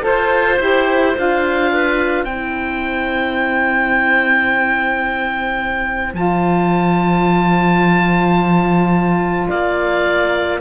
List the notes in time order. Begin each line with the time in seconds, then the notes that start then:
0.00 F4 A4 C5
0.59 E4 G4
1.15 D4 F4 F5
1.72 B4
2.24 C4 E4 C5 G5
6.13 F3 F4 A5
9.48 A#3 D5 F5